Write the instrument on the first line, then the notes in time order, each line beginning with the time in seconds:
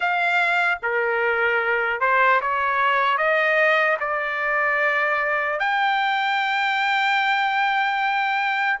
trumpet
0.00 F5
0.82 A#4
2.00 C5
2.41 C#5
3.17 D#5
4.00 D5
5.59 G5